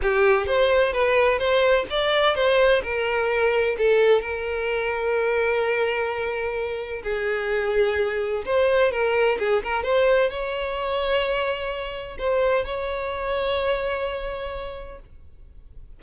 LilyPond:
\new Staff \with { instrumentName = "violin" } { \time 4/4 \tempo 4 = 128 g'4 c''4 b'4 c''4 | d''4 c''4 ais'2 | a'4 ais'2.~ | ais'2. gis'4~ |
gis'2 c''4 ais'4 | gis'8 ais'8 c''4 cis''2~ | cis''2 c''4 cis''4~ | cis''1 | }